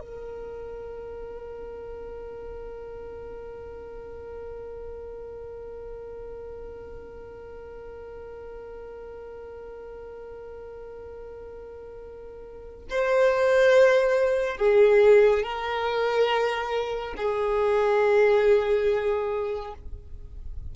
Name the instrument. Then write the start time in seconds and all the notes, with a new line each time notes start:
violin
0.00 A#4
12.90 C5
14.57 G#4
15.43 A#4
17.17 G#4